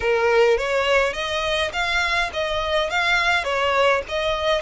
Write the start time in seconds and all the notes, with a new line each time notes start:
0.00 A#4
0.57 C#5
1.13 D#5
1.73 F5
2.33 D#5
2.90 F5
3.44 C#5
4.08 D#5